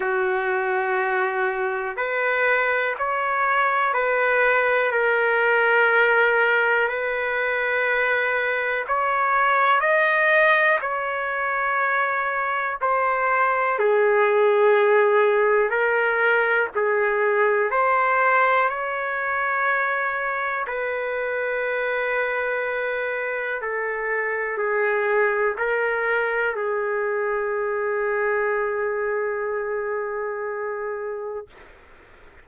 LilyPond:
\new Staff \with { instrumentName = "trumpet" } { \time 4/4 \tempo 4 = 61 fis'2 b'4 cis''4 | b'4 ais'2 b'4~ | b'4 cis''4 dis''4 cis''4~ | cis''4 c''4 gis'2 |
ais'4 gis'4 c''4 cis''4~ | cis''4 b'2. | a'4 gis'4 ais'4 gis'4~ | gis'1 | }